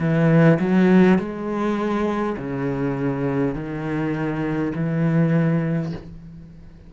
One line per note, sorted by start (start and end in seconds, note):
0.00 0.59 E3
0.60 1.19 F#3
1.19 2.36 G#3
2.37 3.55 C#3
3.55 4.73 D#3
4.75 5.93 E3